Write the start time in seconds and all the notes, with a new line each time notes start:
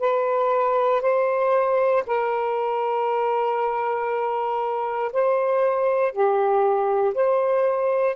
0.00 B4
1.02 C5
2.07 A#4
5.13 C5
6.12 G4
7.14 C5